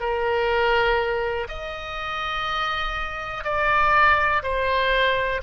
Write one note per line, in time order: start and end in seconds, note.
0.00 1.48 A#4
1.48 3.44 D#5
3.44 4.42 D5
4.43 5.41 C5